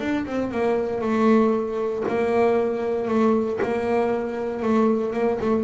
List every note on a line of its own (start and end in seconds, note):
0.00 0.26 D4
0.26 0.51 C4
0.51 1.01 A#3
1.01 2.04 A3
2.08 3.08 A#3
3.08 3.60 A3
3.62 4.62 A#3
4.62 5.14 A3
5.14 5.39 A#3
5.41 5.64 A3